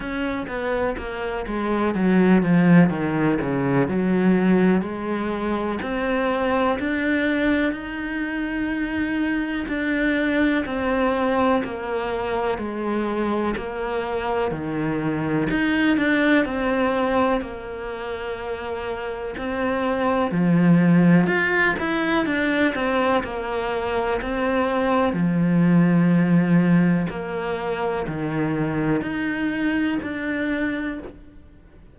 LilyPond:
\new Staff \with { instrumentName = "cello" } { \time 4/4 \tempo 4 = 62 cis'8 b8 ais8 gis8 fis8 f8 dis8 cis8 | fis4 gis4 c'4 d'4 | dis'2 d'4 c'4 | ais4 gis4 ais4 dis4 |
dis'8 d'8 c'4 ais2 | c'4 f4 f'8 e'8 d'8 c'8 | ais4 c'4 f2 | ais4 dis4 dis'4 d'4 | }